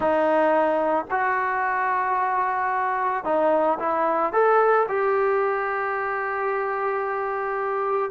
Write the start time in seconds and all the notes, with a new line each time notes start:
0.00 D#4
1.11 F#4
3.24 D#4
3.79 E4
4.32 A4
4.88 G4